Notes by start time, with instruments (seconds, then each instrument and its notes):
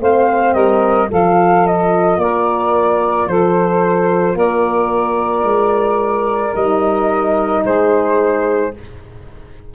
0.00 tuba A3, horn C4, saxophone C5, flute F5
0.54 tuba G3, saxophone A#4, flute D#5
1.09 tuba F3, horn F4, saxophone A4, flute F5
1.67 flute D#5
2.17 tuba A#3, saxophone A#4, flute D5
3.27 tuba F3, saxophone A4, flute C5
4.35 tuba A#3, saxophone A#4, flute D5
5.43 tuba G#3
6.55 tuba G3, horn D#4, flute D#5
7.64 tuba G#3, saxophone G#4, flute C5